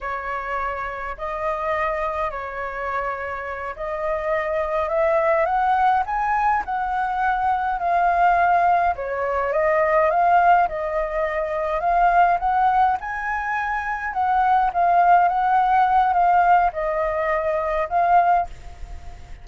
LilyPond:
\new Staff \with { instrumentName = "flute" } { \time 4/4 \tempo 4 = 104 cis''2 dis''2 | cis''2~ cis''8 dis''4.~ | dis''8 e''4 fis''4 gis''4 fis''8~ | fis''4. f''2 cis''8~ |
cis''8 dis''4 f''4 dis''4.~ | dis''8 f''4 fis''4 gis''4.~ | gis''8 fis''4 f''4 fis''4. | f''4 dis''2 f''4 | }